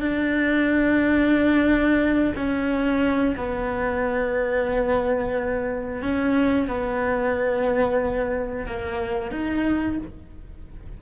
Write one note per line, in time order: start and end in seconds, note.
0.00 2.33 D4
2.36 3.36 C#4
3.36 6.02 B3
6.02 6.68 C#4
6.68 8.66 B3
8.66 9.31 A#3
9.31 9.98 D#4